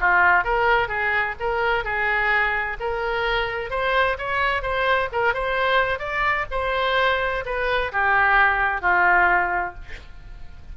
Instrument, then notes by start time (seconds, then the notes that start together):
oboe
0.00 F4
0.44 A#4
0.88 G#4
1.40 A#4
1.84 G#4
2.79 A#4
3.70 C5
4.18 C#5
4.62 C5
5.12 A#4
5.34 C5
5.99 D5
6.51 C5
7.45 B4
7.92 G4
8.81 F4